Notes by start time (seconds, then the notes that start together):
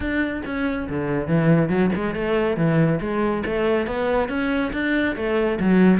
0.00 D4
0.45 C#4
0.89 D3
1.27 E3
1.69 F#3
1.95 G#3
2.14 A3
2.56 E3
3.00 G#3
3.45 A3
3.86 B3
4.28 C#4
4.72 D4
5.15 A3
5.59 F#3